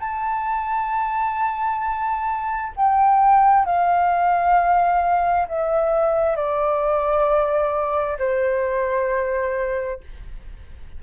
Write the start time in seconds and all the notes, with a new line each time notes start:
0.00 A5
2.76 G5
3.66 F5
5.49 E5
6.36 D5
8.19 C5